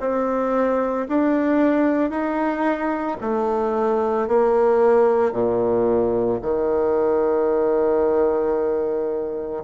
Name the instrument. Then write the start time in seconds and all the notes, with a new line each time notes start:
bassoon
0.00 C4
1.09 D4
2.10 D#4
3.21 A3
4.28 A#3
5.32 A#2
6.42 D#3